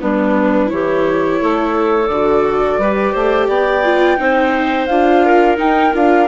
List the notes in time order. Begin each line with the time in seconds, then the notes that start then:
0.00 G3 B3 D4 B4
0.66 E3 E4 C#5
0.72 G4
1.41 A3 A4
2.06 D3 F#4 D5
2.77 G3 G4 B4
3.12 A3 C5
3.47 B3 D5 G5
3.84 F4
4.17 C4 D#4 C5
4.86 D4 F4 F5
5.25 A#4
5.57 D#4 G5
5.93 D4 F4 F5